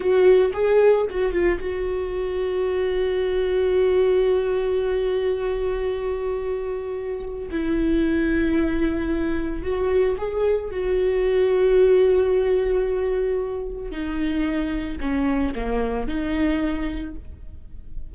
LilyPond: \new Staff \with { instrumentName = "viola" } { \time 4/4 \tempo 4 = 112 fis'4 gis'4 fis'8 f'8 fis'4~ | fis'1~ | fis'1~ | fis'2 e'2~ |
e'2 fis'4 gis'4 | fis'1~ | fis'2 dis'2 | cis'4 ais4 dis'2 | }